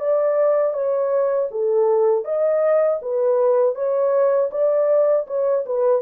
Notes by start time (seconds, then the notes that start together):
0.00 D5
0.74 C#5
1.51 A4
2.25 D#5
3.02 B4
3.75 C#5
4.51 D5
5.27 C#5
5.66 B4